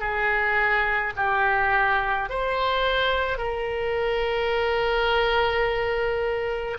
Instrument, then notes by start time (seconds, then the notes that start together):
oboe
0.00 G#4
1.16 G4
2.30 C5
3.38 A#4